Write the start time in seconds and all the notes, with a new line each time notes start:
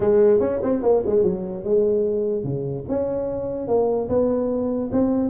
0.00 G#3
0.40 C#4
0.62 C4
0.82 A#3
1.06 G#3
1.23 F#3
1.64 G#3
2.43 C#3
2.88 C#4
3.67 A#3
4.08 B3
4.91 C4